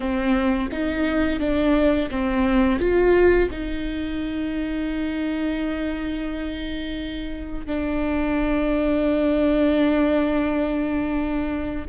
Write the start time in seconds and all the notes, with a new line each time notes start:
0.00 C4
0.71 D#4
1.40 D4
2.10 C4
2.79 F4
3.50 D#4
7.66 D4